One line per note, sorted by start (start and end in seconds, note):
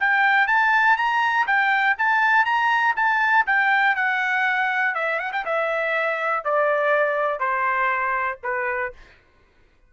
0.00 0.47 G5
0.47 0.97 A5
0.97 1.46 A#5
1.47 1.96 G5
1.98 2.45 A5
2.45 2.95 A#5
2.96 3.46 A5
3.46 3.96 G5
3.96 4.95 F#5
4.95 5.19 E5
5.19 5.32 F#5
5.32 5.45 G5
5.45 6.44 E5
6.44 7.40 D5
7.40 8.39 C5
8.43 8.93 B4